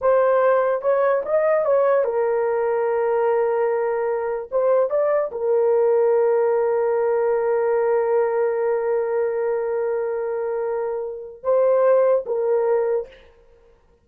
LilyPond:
\new Staff \with { instrumentName = "horn" } { \time 4/4 \tempo 4 = 147 c''2 cis''4 dis''4 | cis''4 ais'2.~ | ais'2. c''4 | d''4 ais'2.~ |
ais'1~ | ais'1~ | ais'1 | c''2 ais'2 | }